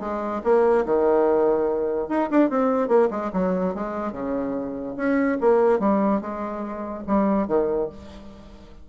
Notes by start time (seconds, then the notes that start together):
0.00 G#3
0.43 A#3
0.85 D#3
2.08 D#4
2.30 D4
2.50 C4
2.88 A#3
3.10 G#3
3.33 F#3
3.74 G#3
4.12 C#3
4.96 C#4
5.40 A#3
5.79 G3
6.21 G#3
7.07 G3
7.47 D#3